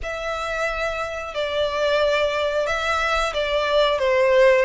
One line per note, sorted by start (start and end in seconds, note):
0.02 1.34 E5
1.34 2.66 D5
2.66 3.33 E5
3.33 3.98 D5
3.98 4.65 C5